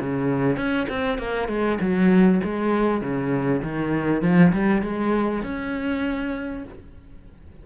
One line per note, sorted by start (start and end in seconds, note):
0.00 0.57 C#3
0.57 0.87 C#4
0.89 1.18 C4
1.18 1.48 A#3
1.48 1.79 G#3
1.81 2.41 F#3
2.44 3.01 G#3
3.01 3.62 C#3
3.63 4.22 D#3
4.22 4.52 F3
4.53 4.82 G3
4.82 5.43 G#3
5.43 6.64 C#4